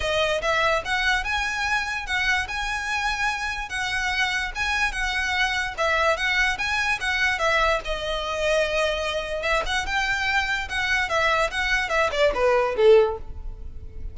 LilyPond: \new Staff \with { instrumentName = "violin" } { \time 4/4 \tempo 4 = 146 dis''4 e''4 fis''4 gis''4~ | gis''4 fis''4 gis''2~ | gis''4 fis''2 gis''4 | fis''2 e''4 fis''4 |
gis''4 fis''4 e''4 dis''4~ | dis''2. e''8 fis''8 | g''2 fis''4 e''4 | fis''4 e''8 d''8 b'4 a'4 | }